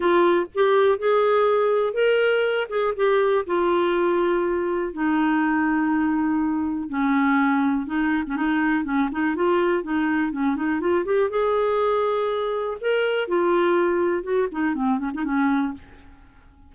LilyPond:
\new Staff \with { instrumentName = "clarinet" } { \time 4/4 \tempo 4 = 122 f'4 g'4 gis'2 | ais'4. gis'8 g'4 f'4~ | f'2 dis'2~ | dis'2 cis'2 |
dis'8. cis'16 dis'4 cis'8 dis'8 f'4 | dis'4 cis'8 dis'8 f'8 g'8 gis'4~ | gis'2 ais'4 f'4~ | f'4 fis'8 dis'8 c'8 cis'16 dis'16 cis'4 | }